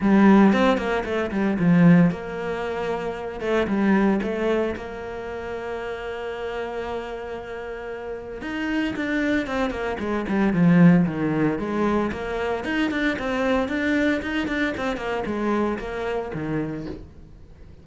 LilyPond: \new Staff \with { instrumentName = "cello" } { \time 4/4 \tempo 4 = 114 g4 c'8 ais8 a8 g8 f4 | ais2~ ais8 a8 g4 | a4 ais2.~ | ais1 |
dis'4 d'4 c'8 ais8 gis8 g8 | f4 dis4 gis4 ais4 | dis'8 d'8 c'4 d'4 dis'8 d'8 | c'8 ais8 gis4 ais4 dis4 | }